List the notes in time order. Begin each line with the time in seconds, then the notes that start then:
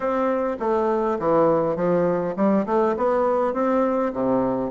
0.00 C4
0.59 A3
1.19 E3
1.75 F3
2.36 G3
2.66 A3
2.97 B3
3.53 C4
4.13 C3